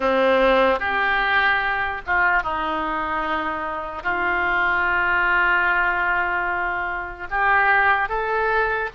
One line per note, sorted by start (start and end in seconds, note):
0.00 0.79 C4
0.79 2.01 G4
2.06 2.43 F4
2.43 4.03 D#4
4.03 7.27 F4
7.30 8.08 G4
8.08 8.89 A4